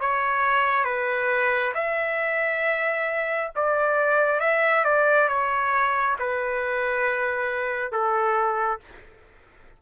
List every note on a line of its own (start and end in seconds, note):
0.00 0.84 C#5
0.84 1.72 B4
1.74 3.51 E5
3.55 4.40 D5
4.40 4.84 E5
4.84 5.28 D5
5.28 6.16 C#5
6.19 7.91 B4
7.91 8.80 A4